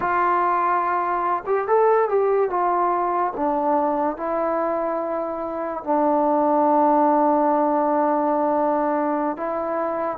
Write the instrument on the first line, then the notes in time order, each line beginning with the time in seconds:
trombone
0.00 F4
1.46 G4
1.67 A4
2.08 G4
2.50 F4
3.36 D4
4.17 E4
5.83 D4
9.36 E4